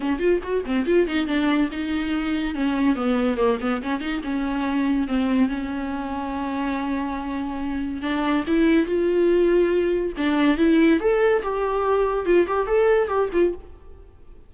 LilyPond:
\new Staff \with { instrumentName = "viola" } { \time 4/4 \tempo 4 = 142 cis'8 f'8 fis'8 c'8 f'8 dis'8 d'4 | dis'2 cis'4 b4 | ais8 b8 cis'8 dis'8 cis'2 | c'4 cis'2.~ |
cis'2. d'4 | e'4 f'2. | d'4 e'4 a'4 g'4~ | g'4 f'8 g'8 a'4 g'8 f'8 | }